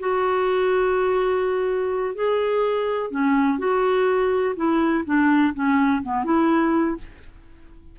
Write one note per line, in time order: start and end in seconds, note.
0.00 2.15 F#4
2.15 3.11 G#4
3.11 3.59 C#4
3.59 4.56 F#4
4.56 5.05 E4
5.06 5.54 D4
5.54 6.03 C#4
6.03 6.25 B3
6.25 6.97 E4